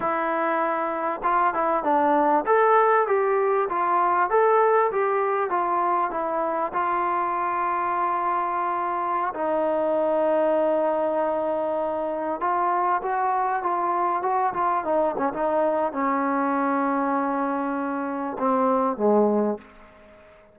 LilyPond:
\new Staff \with { instrumentName = "trombone" } { \time 4/4 \tempo 4 = 98 e'2 f'8 e'8 d'4 | a'4 g'4 f'4 a'4 | g'4 f'4 e'4 f'4~ | f'2.~ f'16 dis'8.~ |
dis'1~ | dis'16 f'4 fis'4 f'4 fis'8 f'16~ | f'16 dis'8 cis'16 dis'4 cis'2~ | cis'2 c'4 gis4 | }